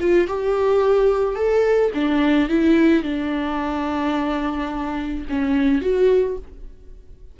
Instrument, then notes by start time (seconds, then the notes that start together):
viola
0.00 F4
0.28 G4
1.35 A4
1.94 D4
2.49 E4
3.03 D4
5.30 C#4
5.82 F#4